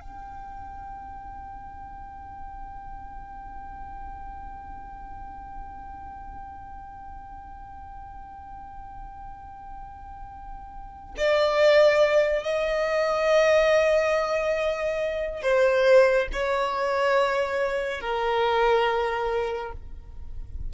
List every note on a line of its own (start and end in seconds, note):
0.00 11.14 G5
11.17 12.43 D5
12.43 15.42 D#5
15.42 16.27 C5
16.32 18.00 C#5
18.00 19.72 A#4